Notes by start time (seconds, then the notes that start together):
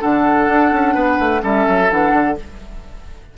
0.00 D3 D4 A4 F#5
0.48 D4
0.72 C#4
0.94 B3 B4
1.19 A3
1.41 G3 C#4 A4 E5
1.68 F#3
1.89 E3 D4 F#5
2.13 D3